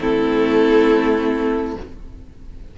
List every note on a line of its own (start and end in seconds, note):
0.00 1.77 A3
0.00 1.76 C4
0.00 1.78 E4
0.00 1.77 A4